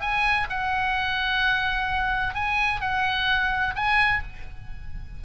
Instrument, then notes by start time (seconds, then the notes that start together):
oboe
0.00 G#5
0.49 F#5
2.34 G#5
2.80 F#5
3.75 G#5